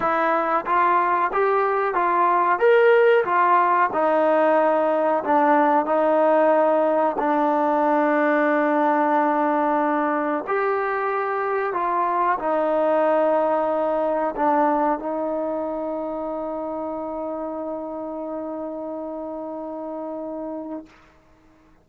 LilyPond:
\new Staff \with { instrumentName = "trombone" } { \time 4/4 \tempo 4 = 92 e'4 f'4 g'4 f'4 | ais'4 f'4 dis'2 | d'4 dis'2 d'4~ | d'1 |
g'2 f'4 dis'4~ | dis'2 d'4 dis'4~ | dis'1~ | dis'1 | }